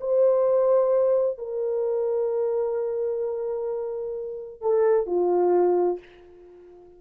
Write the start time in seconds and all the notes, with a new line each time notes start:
0.00 C5
1.38 A#4
4.61 A4
5.06 F4